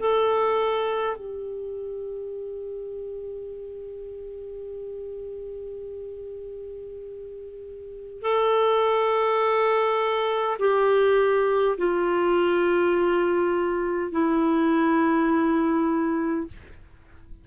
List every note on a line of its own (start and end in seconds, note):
0.00 1.17 A4
1.17 8.22 G4
8.22 10.57 A4
10.59 11.77 G4
11.78 14.12 F4
14.12 16.48 E4